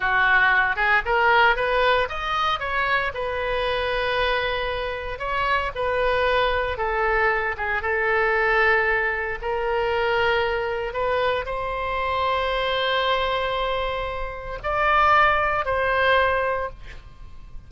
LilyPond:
\new Staff \with { instrumentName = "oboe" } { \time 4/4 \tempo 4 = 115 fis'4. gis'8 ais'4 b'4 | dis''4 cis''4 b'2~ | b'2 cis''4 b'4~ | b'4 a'4. gis'8 a'4~ |
a'2 ais'2~ | ais'4 b'4 c''2~ | c''1 | d''2 c''2 | }